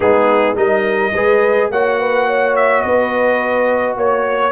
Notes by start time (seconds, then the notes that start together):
0.00 G#3 B3 D#4 G#4
0.55 G3 D#4 A#4 D#5
1.14 G#3 G#4 B4
1.70 A#3 F#4 C#5 F#5
1.99 B4
2.27 C#5
2.56 E5
2.81 B3 B4 D#5
3.96 A#3 C#5